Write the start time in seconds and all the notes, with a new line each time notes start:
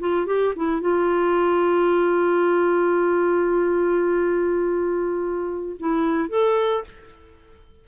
0.00 F4
0.26 G4
0.56 E4
0.81 F4
5.79 E4
6.29 A4